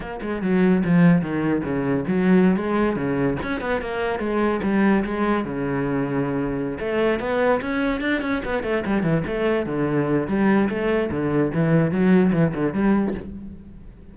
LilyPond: \new Staff \with { instrumentName = "cello" } { \time 4/4 \tempo 4 = 146 ais8 gis8 fis4 f4 dis4 | cis4 fis4~ fis16 gis4 cis8.~ | cis16 cis'8 b8 ais4 gis4 g8.~ | g16 gis4 cis2~ cis8.~ |
cis8 a4 b4 cis'4 d'8 | cis'8 b8 a8 g8 e8 a4 d8~ | d4 g4 a4 d4 | e4 fis4 e8 d8 g4 | }